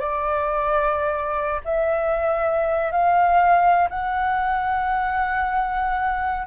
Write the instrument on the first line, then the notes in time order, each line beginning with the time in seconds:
flute
0.00 D5
1.65 E5
2.92 F5
3.90 F#5